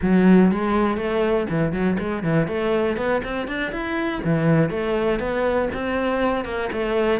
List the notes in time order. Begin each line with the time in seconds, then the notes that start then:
0.02 F#3
0.51 G#3
0.97 A3
1.49 E3
1.72 F#3
1.99 G#3
2.23 E3
2.47 A3
2.97 B3
3.24 C4
3.47 D4
3.72 E4
4.24 E3
4.69 A3
5.19 B3
5.73 C4
6.44 A#3
6.72 A3